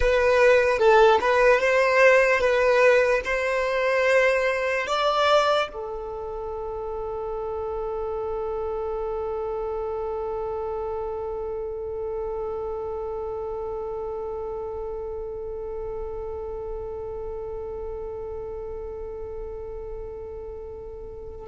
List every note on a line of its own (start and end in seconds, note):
0.00 0.78 B4
0.78 1.19 A4
1.21 1.60 B4
1.60 2.40 C5
2.40 3.21 B4
3.24 4.86 C5
4.86 5.68 D5
5.72 21.48 A4